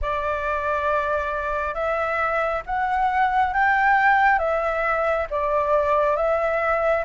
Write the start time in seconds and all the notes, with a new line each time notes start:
0.01 D5
1.74 E5
2.66 F#5
3.53 G5
4.38 E5
5.30 D5
6.16 E5